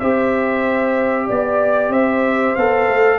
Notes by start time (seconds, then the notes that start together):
0.00 C4 G4 C5 E5
1.27 B3 D5
1.90 C4 C5 E5
2.56 B3 A4 F5
2.88 A3